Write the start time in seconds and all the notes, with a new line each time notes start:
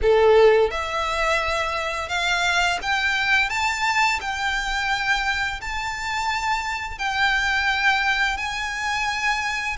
0.02 A4
0.70 E5
2.09 F5
2.82 G5
3.49 A5
4.21 G5
5.61 A5
6.98 G5
8.37 G#5